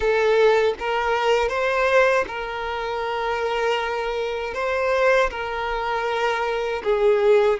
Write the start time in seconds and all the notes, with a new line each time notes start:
0.00 A4
0.79 A#4
1.48 C5
2.28 A#4
4.54 C5
5.30 A#4
6.83 G#4